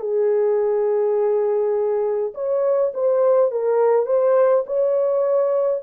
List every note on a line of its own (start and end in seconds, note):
0.00 2.33 G#4
2.34 2.93 C#5
2.94 3.51 C5
3.51 4.06 A#4
4.06 4.64 C5
4.66 5.83 C#5